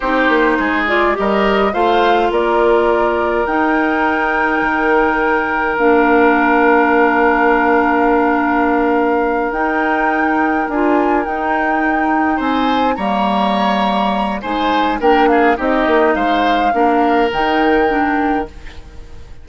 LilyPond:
<<
  \new Staff \with { instrumentName = "flute" } { \time 4/4 \tempo 4 = 104 c''4. d''8 dis''4 f''4 | d''2 g''2~ | g''2 f''2~ | f''1~ |
f''8 g''2 gis''4 g''8~ | g''4. gis''4 ais''4.~ | ais''4 gis''4 g''8 f''8 dis''4 | f''2 g''2 | }
  \new Staff \with { instrumentName = "oboe" } { \time 4/4 g'4 gis'4 ais'4 c''4 | ais'1~ | ais'1~ | ais'1~ |
ais'1~ | ais'4. c''4 cis''4.~ | cis''4 c''4 ais'8 gis'8 g'4 | c''4 ais'2. | }
  \new Staff \with { instrumentName = "clarinet" } { \time 4/4 dis'4. f'8 g'4 f'4~ | f'2 dis'2~ | dis'2 d'2~ | d'1~ |
d'8 dis'2 f'4 dis'8~ | dis'2~ dis'8 ais4.~ | ais4 dis'4 d'4 dis'4~ | dis'4 d'4 dis'4 d'4 | }
  \new Staff \with { instrumentName = "bassoon" } { \time 4/4 c'8 ais8 gis4 g4 a4 | ais2 dis'2 | dis2 ais2~ | ais1~ |
ais8 dis'2 d'4 dis'8~ | dis'4. c'4 g4.~ | g4 gis4 ais4 c'8 ais8 | gis4 ais4 dis2 | }
>>